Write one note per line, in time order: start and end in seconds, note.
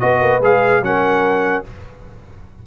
0.00 0.21 B3
0.00 0.41 F#4
0.00 0.84 B4
0.00 0.40 D#5
0.21 0.41 A#3
0.41 0.81 G#3
0.41 0.83 G#4
0.41 0.84 F5
0.81 1.61 F#3
0.81 1.64 C#4
0.81 1.67 A#4
0.81 1.65 F#5